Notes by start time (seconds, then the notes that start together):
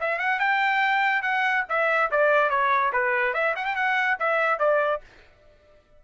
0.00 E5
0.18 F#5
0.39 G5
1.22 F#5
1.69 E5
2.11 D5
2.49 C#5
2.93 B4
3.33 E5
3.55 F#5
3.65 G5
3.75 F#5
4.19 E5
4.59 D5